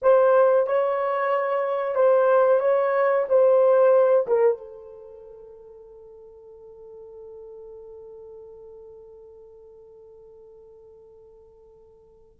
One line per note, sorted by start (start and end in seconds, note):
0.02 0.67 C5
0.67 1.95 C#5
1.95 2.60 C5
2.60 3.25 C#5
3.28 4.26 C5
4.27 4.57 A#4
4.57 12.40 A4